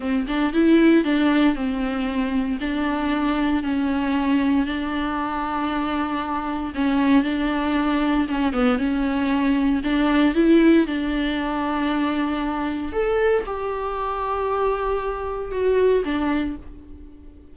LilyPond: \new Staff \with { instrumentName = "viola" } { \time 4/4 \tempo 4 = 116 c'8 d'8 e'4 d'4 c'4~ | c'4 d'2 cis'4~ | cis'4 d'2.~ | d'4 cis'4 d'2 |
cis'8 b8 cis'2 d'4 | e'4 d'2.~ | d'4 a'4 g'2~ | g'2 fis'4 d'4 | }